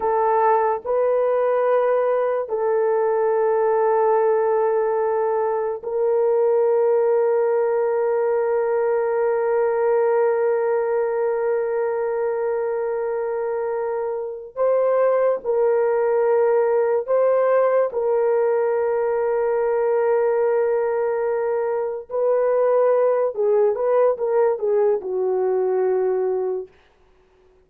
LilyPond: \new Staff \with { instrumentName = "horn" } { \time 4/4 \tempo 4 = 72 a'4 b'2 a'4~ | a'2. ais'4~ | ais'1~ | ais'1~ |
ais'4. c''4 ais'4.~ | ais'8 c''4 ais'2~ ais'8~ | ais'2~ ais'8 b'4. | gis'8 b'8 ais'8 gis'8 fis'2 | }